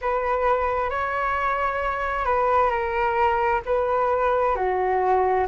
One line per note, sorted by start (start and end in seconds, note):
0.01 0.90 B4
0.90 2.25 C#5
2.25 2.69 B4
2.69 3.60 A#4
3.65 4.55 B4
4.55 5.46 F#4